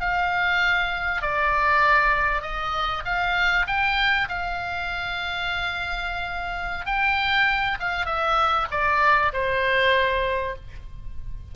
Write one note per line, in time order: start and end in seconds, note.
0.00 1.22 F5
1.22 2.42 D5
2.42 3.03 D#5
3.05 3.66 F5
3.67 4.28 G5
4.28 6.86 F5
6.86 7.78 G5
7.80 8.06 F5
8.06 8.67 E5
8.71 9.32 D5
9.33 10.55 C5